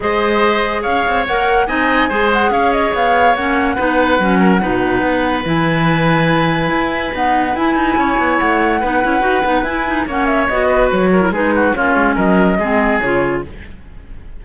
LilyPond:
<<
  \new Staff \with { instrumentName = "flute" } { \time 4/4 \tempo 4 = 143 dis''2 f''4 fis''4 | gis''4. fis''8 f''8 dis''8 f''4 | fis''1~ | fis''4 gis''2.~ |
gis''4 fis''4 gis''2 | fis''2. gis''4 | fis''8 e''8 dis''4 cis''4 b'4 | cis''4 dis''2 cis''4 | }
  \new Staff \with { instrumentName = "oboe" } { \time 4/4 c''2 cis''2 | dis''4 c''4 cis''2~ | cis''4 b'4. ais'8 b'4~ | b'1~ |
b'2. cis''4~ | cis''4 b'2. | cis''4. b'4 ais'8 gis'8 fis'8 | f'4 ais'4 gis'2 | }
  \new Staff \with { instrumentName = "clarinet" } { \time 4/4 gis'2. ais'4 | dis'4 gis'2. | cis'4 dis'4 cis'4 dis'4~ | dis'4 e'2.~ |
e'4 b4 e'2~ | e'4 dis'8 e'8 fis'8 dis'8 e'8 dis'8 | cis'4 fis'4.~ fis'16 e'16 dis'4 | cis'2 c'4 f'4 | }
  \new Staff \with { instrumentName = "cello" } { \time 4/4 gis2 cis'8 c'8 ais4 | c'4 gis4 cis'4 b4 | ais4 b4 fis4 b,4 | b4 e2. |
e'4 dis'4 e'8 dis'8 cis'8 b8 | a4 b8 cis'8 dis'8 b8 e'4 | ais4 b4 fis4 gis4 | ais8 gis8 fis4 gis4 cis4 | }
>>